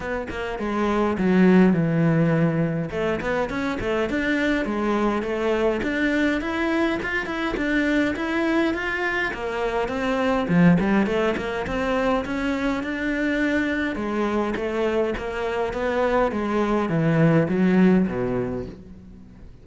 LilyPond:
\new Staff \with { instrumentName = "cello" } { \time 4/4 \tempo 4 = 103 b8 ais8 gis4 fis4 e4~ | e4 a8 b8 cis'8 a8 d'4 | gis4 a4 d'4 e'4 | f'8 e'8 d'4 e'4 f'4 |
ais4 c'4 f8 g8 a8 ais8 | c'4 cis'4 d'2 | gis4 a4 ais4 b4 | gis4 e4 fis4 b,4 | }